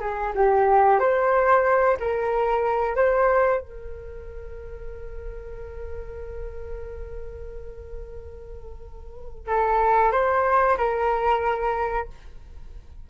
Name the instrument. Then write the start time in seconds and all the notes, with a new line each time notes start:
flute
0.00 G#4
0.34 G4
0.99 C5
2.00 A#4
2.95 C5
3.60 A#4
9.47 A4
10.11 C5
10.77 A#4